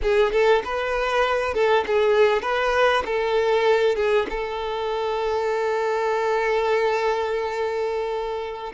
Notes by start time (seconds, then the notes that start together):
0.02 G#4
0.31 A4
0.64 B4
1.53 A4
1.86 G#4
2.42 B4
3.05 A4
3.95 G#4
4.29 A4